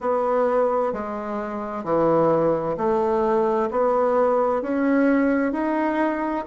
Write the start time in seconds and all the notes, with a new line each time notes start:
0.00 B3
0.92 G#3
1.84 E3
2.77 A3
3.70 B3
4.62 C#4
5.52 D#4